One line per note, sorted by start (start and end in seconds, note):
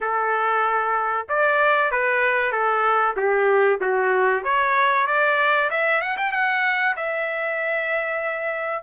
0.01 1.27 A4
1.29 1.91 D5
1.91 2.51 B4
2.51 3.15 A4
3.16 3.79 G4
3.80 4.43 F#4
4.43 5.06 C#5
5.06 5.70 D5
5.70 6.01 E5
6.01 6.17 F#5
6.17 6.32 G5
6.32 6.95 F#5
6.96 8.82 E5